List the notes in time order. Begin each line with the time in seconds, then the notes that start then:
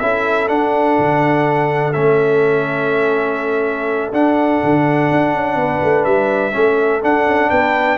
0.00 C#4 E4 A4 E5
0.48 D4 F#5
0.99 D3
1.93 A3 C#4 E5
4.13 D4 F#5
4.63 D3
5.11 D4
5.35 C#4
5.56 B3 B4
5.84 A3
6.05 G3 E5
6.52 A3 C#4 A4
7.03 D4 F#5
7.27 C#4
7.50 B3 B4 G5